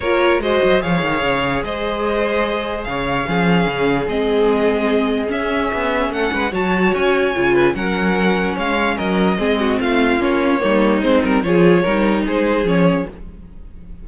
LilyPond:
<<
  \new Staff \with { instrumentName = "violin" } { \time 4/4 \tempo 4 = 147 cis''4 dis''4 f''2 | dis''2. f''4~ | f''2 dis''2~ | dis''4 e''2 fis''4 |
a''4 gis''2 fis''4~ | fis''4 f''4 dis''2 | f''4 cis''2 c''8 ais'8 | cis''2 c''4 cis''4 | }
  \new Staff \with { instrumentName = "violin" } { \time 4/4 ais'4 c''4 cis''2 | c''2. cis''4 | gis'1~ | gis'2. a'8 b'8 |
cis''2~ cis''8 b'8 ais'4~ | ais'4 cis''4 ais'4 gis'8 fis'8 | f'2 dis'2 | gis'4 ais'4 gis'2 | }
  \new Staff \with { instrumentName = "viola" } { \time 4/4 f'4 fis'4 gis'2~ | gis'1 | cis'2 c'2~ | c'4 cis'2. |
fis'2 f'4 cis'4~ | cis'2. c'4~ | c'4 cis'4 ais4 c'4 | f'4 dis'2 cis'4 | }
  \new Staff \with { instrumentName = "cello" } { \time 4/4 ais4 gis8 fis8 f8 dis8 cis4 | gis2. cis4 | f4 cis4 gis2~ | gis4 cis'4 b4 a8 gis8 |
fis4 cis'4 cis4 fis4~ | fis4 gis4 fis4 gis4 | a4 ais4 g4 gis8 g8 | f4 g4 gis4 f4 | }
>>